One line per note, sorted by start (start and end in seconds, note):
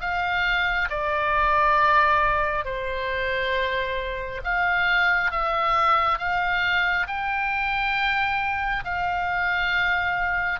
0.00 0.88 F5
0.89 2.64 D5
2.64 4.41 C5
4.44 5.31 F5
5.31 6.18 E5
6.18 7.06 F5
7.07 8.84 G5
8.84 10.60 F5